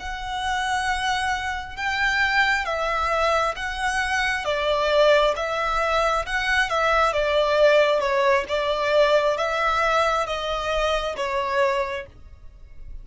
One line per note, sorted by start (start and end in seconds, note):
0.00 1.77 F#5
1.77 2.66 G5
2.66 3.55 E5
3.57 4.45 F#5
4.45 5.35 D5
5.36 6.26 E5
6.26 6.70 F#5
6.70 7.13 E5
7.13 8.01 D5
8.01 8.45 C#5
8.49 9.38 D5
9.38 10.27 E5
10.27 11.17 D#5
11.17 12.07 C#5